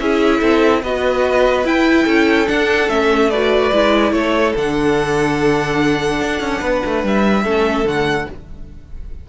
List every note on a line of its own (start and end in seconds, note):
0.00 0.42 C#4
0.00 0.83 E4
0.00 0.40 G#4
0.00 0.83 E5
0.40 0.83 C4
0.40 0.81 A4
0.83 1.65 B3
0.83 1.65 F#4
0.83 2.05 B4
0.83 1.67 D#5
1.65 2.06 E4
1.65 2.47 E4
1.65 2.48 G5
2.05 2.49 C#4
2.05 3.29 A4
2.47 2.88 D4
2.47 2.89 D4
2.47 2.89 F#5
2.89 3.72 A3
2.89 3.31 C#4
2.89 3.30 E5
3.30 3.73 F#4
3.30 4.14 B4
3.30 4.12 D5
3.73 4.12 G#3
3.73 4.56 E4
4.12 4.53 A3
4.12 6.61 A4
4.12 4.54 C#5
4.56 6.21 D3
4.56 7.46 D4
4.56 7.06 F#5
6.21 6.41 D4
6.41 6.61 C#4
6.61 6.82 B3
6.61 7.44 B4
6.86 7.04 A3
7.04 7.46 G3
7.04 7.88 E5
7.44 7.85 A3
7.44 7.86 C#4
7.44 8.27 A4
7.85 8.26 D3
7.85 8.27 A3
7.85 8.29 F#5